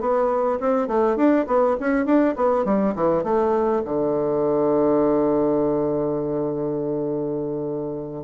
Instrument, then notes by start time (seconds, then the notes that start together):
bassoon
0.00 B3
0.60 C4
0.87 A3
1.16 D4
1.47 B3
1.80 C#4
2.05 D4
2.36 B3
2.65 G3
2.95 E3
3.23 A3
3.84 D3